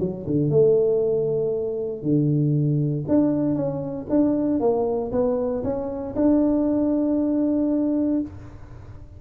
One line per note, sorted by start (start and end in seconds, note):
0.00 0.26 F#3
0.27 0.50 D3
0.50 2.02 A3
2.02 3.05 D3
3.08 3.55 D4
3.55 4.07 C#4
4.10 4.60 D4
4.60 5.11 A#3
5.12 5.63 B3
5.64 6.15 C#4
6.16 8.21 D4